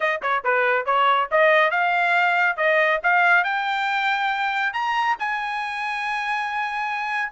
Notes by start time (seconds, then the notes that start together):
0.00 D#5
0.22 C#5
0.44 B4
0.85 C#5
1.31 D#5
1.71 F5
2.56 D#5
3.03 F5
3.44 G5
4.73 A#5
5.19 G#5